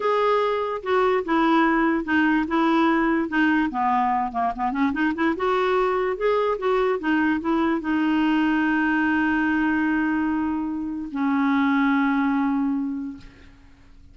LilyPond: \new Staff \with { instrumentName = "clarinet" } { \time 4/4 \tempo 4 = 146 gis'2 fis'4 e'4~ | e'4 dis'4 e'2 | dis'4 b4. ais8 b8 cis'8 | dis'8 e'8 fis'2 gis'4 |
fis'4 dis'4 e'4 dis'4~ | dis'1~ | dis'2. cis'4~ | cis'1 | }